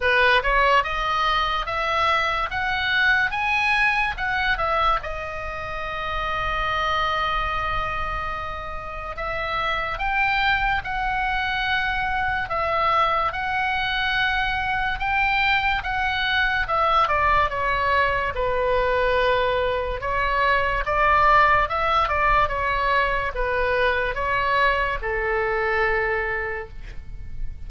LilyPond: \new Staff \with { instrumentName = "oboe" } { \time 4/4 \tempo 4 = 72 b'8 cis''8 dis''4 e''4 fis''4 | gis''4 fis''8 e''8 dis''2~ | dis''2. e''4 | g''4 fis''2 e''4 |
fis''2 g''4 fis''4 | e''8 d''8 cis''4 b'2 | cis''4 d''4 e''8 d''8 cis''4 | b'4 cis''4 a'2 | }